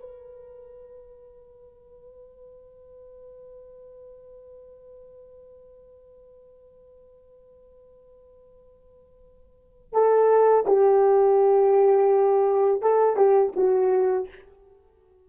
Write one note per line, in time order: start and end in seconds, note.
0.00 9.93 B4
9.93 10.65 A4
10.67 12.82 G4
12.82 13.16 A4
13.16 13.52 G4
13.56 14.28 F#4